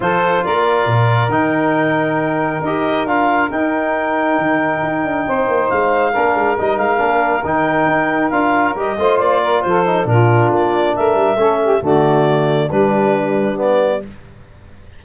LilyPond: <<
  \new Staff \with { instrumentName = "clarinet" } { \time 4/4 \tempo 4 = 137 c''4 d''2 g''4~ | g''2 dis''4 f''4 | g''1~ | g''4 f''2 dis''8 f''8~ |
f''4 g''2 f''4 | dis''4 d''4 c''4 ais'4 | d''4 e''2 d''4~ | d''4 b'2 d''4 | }
  \new Staff \with { instrumentName = "saxophone" } { \time 4/4 a'4 ais'2.~ | ais'1~ | ais'1 | c''2 ais'2~ |
ais'1~ | ais'8 c''4 ais'8 a'4 f'4~ | f'4 ais'4 a'8 g'8 fis'4~ | fis'4 d'2. | }
  \new Staff \with { instrumentName = "trombone" } { \time 4/4 f'2. dis'4~ | dis'2 g'4 f'4 | dis'1~ | dis'2 d'4 dis'4 |
d'4 dis'2 f'4 | g'8 f'2 dis'8 d'4~ | d'2 cis'4 a4~ | a4 g2 b4 | }
  \new Staff \with { instrumentName = "tuba" } { \time 4/4 f4 ais4 ais,4 dis4~ | dis2 dis'4 d'4 | dis'2 dis4 dis'8 d'8 | c'8 ais8 gis4 ais8 gis8 g8 gis8 |
ais4 dis4 dis'4 d'4 | g8 a8 ais4 f4 ais,4 | ais4 a8 g8 a4 d4~ | d4 g2. | }
>>